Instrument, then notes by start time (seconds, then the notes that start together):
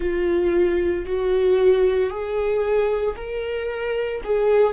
viola
0.00 F4
1.05 F#4
2.10 G#4
3.16 A#4
4.23 G#4